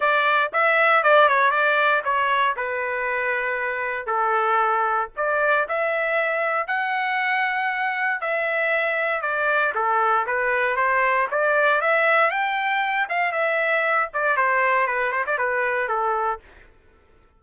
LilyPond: \new Staff \with { instrumentName = "trumpet" } { \time 4/4 \tempo 4 = 117 d''4 e''4 d''8 cis''8 d''4 | cis''4 b'2. | a'2 d''4 e''4~ | e''4 fis''2. |
e''2 d''4 a'4 | b'4 c''4 d''4 e''4 | g''4. f''8 e''4. d''8 | c''4 b'8 c''16 d''16 b'4 a'4 | }